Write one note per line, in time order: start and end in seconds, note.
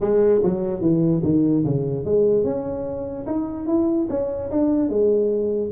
0.00 0.41 G#3
0.43 0.81 F#3
0.81 1.21 E3
1.23 1.64 D#3
1.64 2.04 C#3
2.04 2.44 G#3
2.44 3.25 C#4
3.26 3.66 D#4
3.66 4.07 E4
4.09 4.50 C#4
4.51 4.89 D4
4.89 5.71 G#3